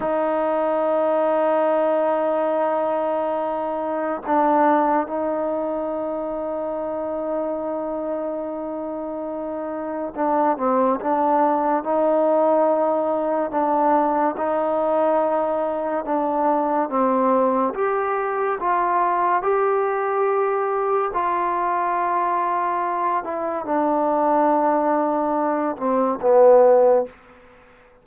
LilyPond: \new Staff \with { instrumentName = "trombone" } { \time 4/4 \tempo 4 = 71 dis'1~ | dis'4 d'4 dis'2~ | dis'1 | d'8 c'8 d'4 dis'2 |
d'4 dis'2 d'4 | c'4 g'4 f'4 g'4~ | g'4 f'2~ f'8 e'8 | d'2~ d'8 c'8 b4 | }